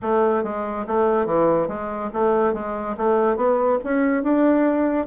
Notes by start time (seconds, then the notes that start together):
0.02 A3
0.43 G#3
0.87 A3
1.25 E3
1.68 G#3
2.13 A3
2.53 G#3
2.97 A3
3.36 B3
3.84 C#4
4.23 D4